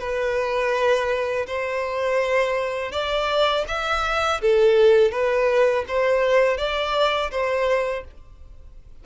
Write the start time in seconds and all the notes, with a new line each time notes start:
0.00 B4
1.47 C5
2.92 D5
3.68 E5
4.41 A4
5.12 B4
5.88 C5
6.57 D5
7.31 C5